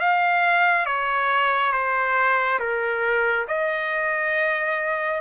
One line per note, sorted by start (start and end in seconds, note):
0.00 0.86 F5
0.86 1.72 C#5
1.72 2.59 C5
2.59 3.46 A#4
3.48 5.21 D#5